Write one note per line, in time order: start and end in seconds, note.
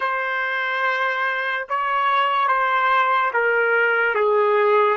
0.00 1.67 C5
1.69 2.48 C#5
2.48 3.31 C5
3.33 4.14 A#4
4.14 4.97 G#4